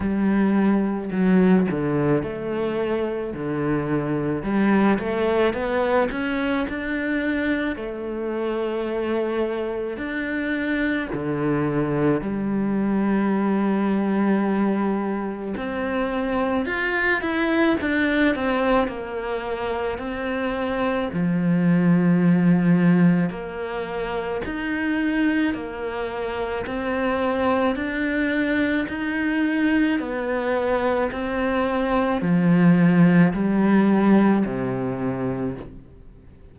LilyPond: \new Staff \with { instrumentName = "cello" } { \time 4/4 \tempo 4 = 54 g4 fis8 d8 a4 d4 | g8 a8 b8 cis'8 d'4 a4~ | a4 d'4 d4 g4~ | g2 c'4 f'8 e'8 |
d'8 c'8 ais4 c'4 f4~ | f4 ais4 dis'4 ais4 | c'4 d'4 dis'4 b4 | c'4 f4 g4 c4 | }